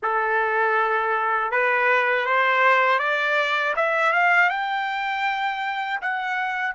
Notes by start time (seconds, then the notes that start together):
0.02 A4
1.51 B4
2.25 C5
2.98 D5
3.75 E5
4.12 F5
4.49 G5
6.01 F#5